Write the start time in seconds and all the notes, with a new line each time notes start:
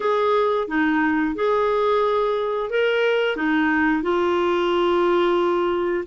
0.00 G#4
0.67 D#4
1.35 G#4
2.70 A#4
3.36 D#4
4.02 F4